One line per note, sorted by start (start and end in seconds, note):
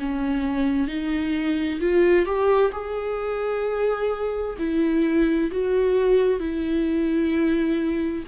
0.00 0.88 C#4
0.88 1.80 D#4
1.81 2.26 F4
2.26 2.72 G4
2.72 4.57 G#4
4.59 5.51 E4
5.51 6.40 F#4
6.40 8.24 E4